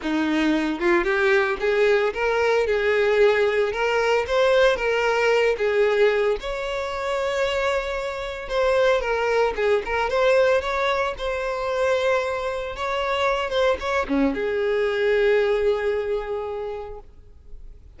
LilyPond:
\new Staff \with { instrumentName = "violin" } { \time 4/4 \tempo 4 = 113 dis'4. f'8 g'4 gis'4 | ais'4 gis'2 ais'4 | c''4 ais'4. gis'4. | cis''1 |
c''4 ais'4 gis'8 ais'8 c''4 | cis''4 c''2. | cis''4. c''8 cis''8 cis'8 gis'4~ | gis'1 | }